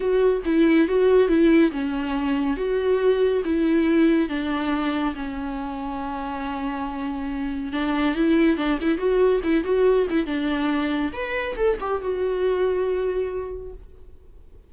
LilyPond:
\new Staff \with { instrumentName = "viola" } { \time 4/4 \tempo 4 = 140 fis'4 e'4 fis'4 e'4 | cis'2 fis'2 | e'2 d'2 | cis'1~ |
cis'2 d'4 e'4 | d'8 e'8 fis'4 e'8 fis'4 e'8 | d'2 b'4 a'8 g'8 | fis'1 | }